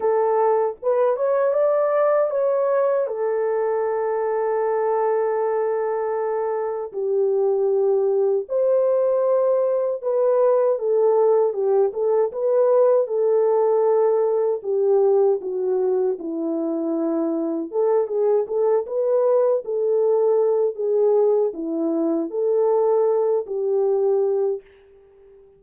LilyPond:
\new Staff \with { instrumentName = "horn" } { \time 4/4 \tempo 4 = 78 a'4 b'8 cis''8 d''4 cis''4 | a'1~ | a'4 g'2 c''4~ | c''4 b'4 a'4 g'8 a'8 |
b'4 a'2 g'4 | fis'4 e'2 a'8 gis'8 | a'8 b'4 a'4. gis'4 | e'4 a'4. g'4. | }